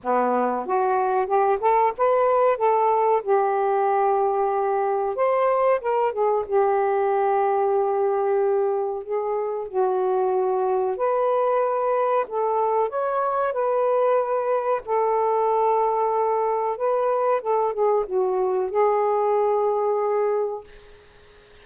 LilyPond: \new Staff \with { instrumentName = "saxophone" } { \time 4/4 \tempo 4 = 93 b4 fis'4 g'8 a'8 b'4 | a'4 g'2. | c''4 ais'8 gis'8 g'2~ | g'2 gis'4 fis'4~ |
fis'4 b'2 a'4 | cis''4 b'2 a'4~ | a'2 b'4 a'8 gis'8 | fis'4 gis'2. | }